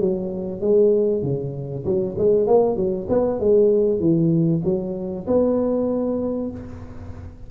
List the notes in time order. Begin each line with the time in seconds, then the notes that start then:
0.00 F#3
0.61 G#3
1.23 C#3
1.85 F#3
2.18 G#3
2.47 A#3
2.77 F#3
3.10 B3
3.40 G#3
4.00 E3
4.65 F#3
5.27 B3